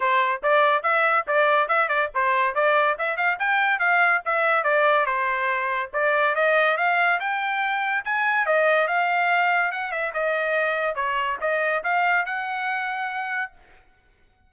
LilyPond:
\new Staff \with { instrumentName = "trumpet" } { \time 4/4 \tempo 4 = 142 c''4 d''4 e''4 d''4 | e''8 d''8 c''4 d''4 e''8 f''8 | g''4 f''4 e''4 d''4 | c''2 d''4 dis''4 |
f''4 g''2 gis''4 | dis''4 f''2 fis''8 e''8 | dis''2 cis''4 dis''4 | f''4 fis''2. | }